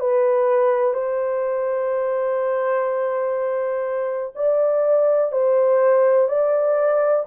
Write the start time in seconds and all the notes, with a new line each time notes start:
0.00 B4
0.93 C5
4.35 D5
5.32 C5
6.28 D5